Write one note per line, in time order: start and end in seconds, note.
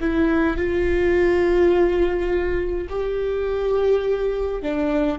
0.00 0.57 E4
0.57 2.87 F4
2.89 4.62 G4
4.62 5.18 D4